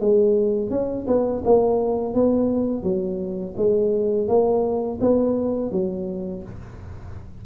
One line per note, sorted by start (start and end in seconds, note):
0.00 0.70 G#3
0.70 1.06 C#4
1.07 1.43 B3
1.44 2.14 A#3
2.14 2.83 B3
2.83 3.54 F#3
3.57 4.27 G#3
4.27 4.99 A#3
5.00 5.71 B3
5.71 6.43 F#3